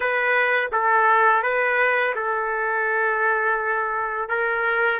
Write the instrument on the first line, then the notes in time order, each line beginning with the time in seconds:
trumpet
0.00 B4
0.71 A4
1.43 B4
2.15 A4
4.29 A#4